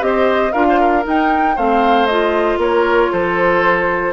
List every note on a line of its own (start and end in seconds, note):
0.00 0.53 C4
0.00 0.51 G4
0.00 0.53 C5
0.00 0.52 D#5
0.52 1.05 D4
0.52 1.03 F4
0.52 0.66 A#4
0.52 1.04 F5
0.69 0.80 C5
0.80 1.56 A#4
1.03 1.55 D#4
1.03 1.57 D#4
1.03 1.58 G5
1.56 2.58 A3
1.56 2.10 C4
1.56 2.59 C5
1.56 2.07 F5
2.07 4.14 F4
2.07 2.58 D#5
2.58 3.09 A#3
2.58 3.11 A#4
2.58 3.12 C#5
3.12 4.14 F3
3.12 4.14 A4
3.12 4.14 C5